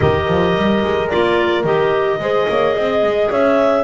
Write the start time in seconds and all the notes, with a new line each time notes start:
0.00 D#3 G4 A#4 D#5
0.27 F3
0.55 G3
0.84 G#3
1.09 A#3 F4 D5
1.63 D#3 G4 D#5
2.19 G#3 G#4 C5
2.48 A#3 C#5
2.75 C4 D#5
3.03 G#3
3.30 C#4 C#5 E5